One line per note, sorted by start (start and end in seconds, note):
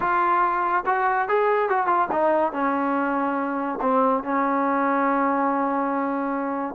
0.00 0.84 F4
0.86 1.28 F#4
1.28 1.69 G#4
1.69 1.86 F#4
1.86 2.07 F4
2.11 2.52 D#4
2.52 3.79 C#4
3.81 4.23 C4
4.23 6.75 C#4